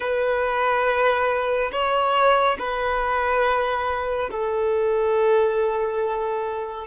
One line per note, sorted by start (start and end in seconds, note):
0.00 1.70 B4
1.71 2.57 C#5
2.58 4.30 B4
4.30 6.87 A4